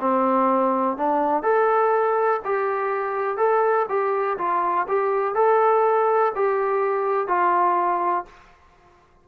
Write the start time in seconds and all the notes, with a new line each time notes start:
0.00 C4
0.97 D4
1.42 A4
2.44 G4
3.37 A4
3.88 G4
4.38 F4
4.88 G4
5.34 A4
6.35 G4
7.27 F4